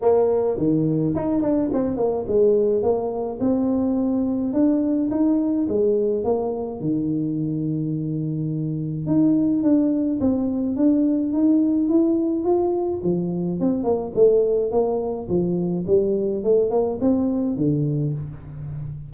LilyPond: \new Staff \with { instrumentName = "tuba" } { \time 4/4 \tempo 4 = 106 ais4 dis4 dis'8 d'8 c'8 ais8 | gis4 ais4 c'2 | d'4 dis'4 gis4 ais4 | dis1 |
dis'4 d'4 c'4 d'4 | dis'4 e'4 f'4 f4 | c'8 ais8 a4 ais4 f4 | g4 a8 ais8 c'4 d4 | }